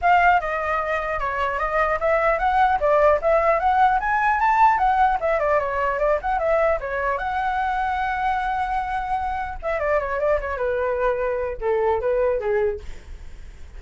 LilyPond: \new Staff \with { instrumentName = "flute" } { \time 4/4 \tempo 4 = 150 f''4 dis''2 cis''4 | dis''4 e''4 fis''4 d''4 | e''4 fis''4 gis''4 a''4 | fis''4 e''8 d''8 cis''4 d''8 fis''8 |
e''4 cis''4 fis''2~ | fis''1 | e''8 d''8 cis''8 d''8 cis''8 b'4.~ | b'4 a'4 b'4 gis'4 | }